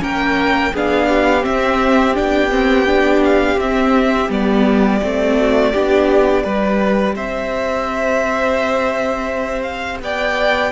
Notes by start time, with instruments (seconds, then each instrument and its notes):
0.00 cello A#3, viola C#4, violin A#4 G5
0.73 cello B3, viola D4, violin G#4 F5
1.09 violin G4
1.42 viola C4, cello C4, violin E5
2.15 cello B3, viola D4, violin G5
2.51 viola C4
2.86 viola D4
3.25 violin F5
3.57 cello C4, viola C4, violin E5
4.29 cello G3, viola B3, violin D5
5.03 cello A3, viola C4
5.40 violin F#4
5.73 cello B3, viola D4, violin G4
6.44 cello G3, viola G4, violin B4
7.15 cello C4, violin C5 E5
9.63 violin F5
10.01 cello B3, violin D5 G5